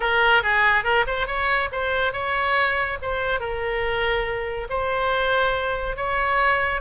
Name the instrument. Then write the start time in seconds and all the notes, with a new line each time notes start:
oboe
0.00 A#4
0.42 G#4
0.84 A#4
1.06 C5
1.26 C#5
1.72 C5
2.12 C#5
3.02 C5
3.39 A#4
4.69 C5
5.96 C#5